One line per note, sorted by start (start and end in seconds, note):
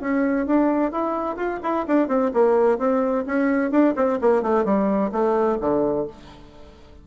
0.00 0.46 C#4
0.46 0.91 D4
0.91 1.36 E4
1.36 1.59 F4
1.62 1.86 E4
1.87 2.08 D4
2.08 2.31 C4
2.33 2.78 A#3
2.78 3.25 C4
3.26 3.71 C#4
3.71 3.94 D4
3.96 4.19 C4
4.21 4.42 A#3
4.42 4.64 A3
4.64 5.11 G3
5.12 5.58 A3
5.60 6.07 D3